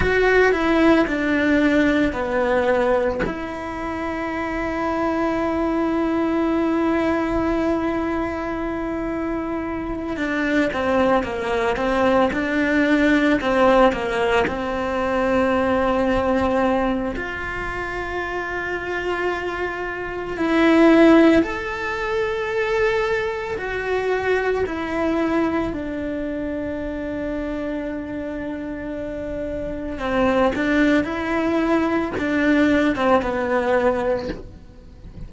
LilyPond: \new Staff \with { instrumentName = "cello" } { \time 4/4 \tempo 4 = 56 fis'8 e'8 d'4 b4 e'4~ | e'1~ | e'4. d'8 c'8 ais8 c'8 d'8~ | d'8 c'8 ais8 c'2~ c'8 |
f'2. e'4 | a'2 fis'4 e'4 | d'1 | c'8 d'8 e'4 d'8. c'16 b4 | }